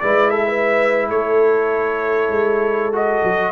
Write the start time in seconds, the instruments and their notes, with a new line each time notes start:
0.00 tuba G#3, trombone E4, horn B4, trumpet D5
0.30 horn A4, trumpet E5
0.47 horn B4
1.09 tuba A3, horn A4, trumpet C#5
2.29 tuba G#3
2.92 trombone F#4, trumpet D#5
3.23 tuba F#3